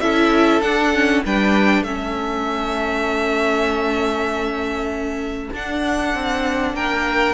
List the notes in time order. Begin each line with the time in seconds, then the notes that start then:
0.00 C#4 E4 A4 E5
0.61 D4 F#5
0.94 C#4
1.25 G3 D4 B4 G5
1.82 A3 C#4 A4 E5
5.54 D4 F#5
6.14 C4
6.74 A#3 A#4 G5